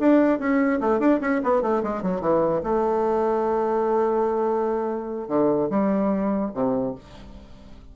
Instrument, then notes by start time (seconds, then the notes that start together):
bassoon
0.00 D4
0.40 C#4
0.81 A3
1.00 D4
1.21 C#4
1.44 B3
1.63 A3
1.84 G#3
2.03 F#3
2.21 E3
2.64 A3
5.28 D3
5.70 G3
6.55 C3